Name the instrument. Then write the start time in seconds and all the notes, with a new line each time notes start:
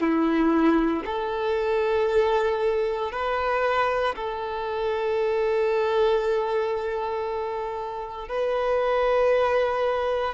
violin
0.00 E4
1.05 A4
3.12 B4
4.16 A4
8.28 B4